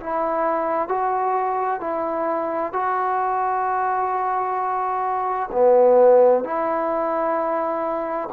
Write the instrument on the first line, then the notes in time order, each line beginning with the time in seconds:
trombone
0.00 E4
0.88 F#4
1.80 E4
2.73 F#4
5.52 B3
6.44 E4